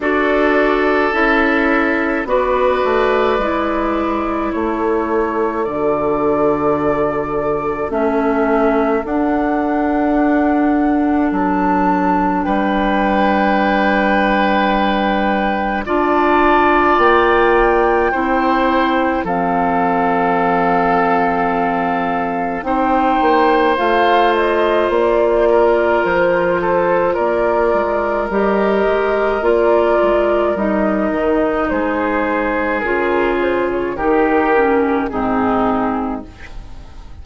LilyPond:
<<
  \new Staff \with { instrumentName = "flute" } { \time 4/4 \tempo 4 = 53 d''4 e''4 d''2 | cis''4 d''2 e''4 | fis''2 a''4 g''4~ | g''2 a''4 g''4~ |
g''4 f''2. | g''4 f''8 dis''8 d''4 c''4 | d''4 dis''4 d''4 dis''4 | c''4 ais'8 c''16 cis''16 ais'4 gis'4 | }
  \new Staff \with { instrumentName = "oboe" } { \time 4/4 a'2 b'2 | a'1~ | a'2. b'4~ | b'2 d''2 |
c''4 a'2. | c''2~ c''8 ais'4 a'8 | ais'1 | gis'2 g'4 dis'4 | }
  \new Staff \with { instrumentName = "clarinet" } { \time 4/4 fis'4 e'4 fis'4 e'4~ | e'4 fis'2 cis'4 | d'1~ | d'2 f'2 |
e'4 c'2. | dis'4 f'2.~ | f'4 g'4 f'4 dis'4~ | dis'4 f'4 dis'8 cis'8 c'4 | }
  \new Staff \with { instrumentName = "bassoon" } { \time 4/4 d'4 cis'4 b8 a8 gis4 | a4 d2 a4 | d'2 fis4 g4~ | g2 d'4 ais4 |
c'4 f2. | c'8 ais8 a4 ais4 f4 | ais8 gis8 g8 gis8 ais8 gis8 g8 dis8 | gis4 cis4 dis4 gis,4 | }
>>